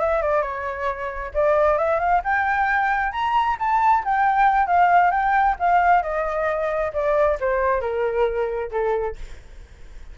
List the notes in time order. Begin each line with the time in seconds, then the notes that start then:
0.00 E5
0.22 D5
0.42 C#5
1.35 D5
1.79 E5
2.00 F5
2.24 G5
3.13 A#5
3.59 A5
4.05 G5
4.67 F5
5.11 G5
5.60 F5
6.03 D#5
6.94 D5
7.40 C5
7.81 A#4
8.72 A4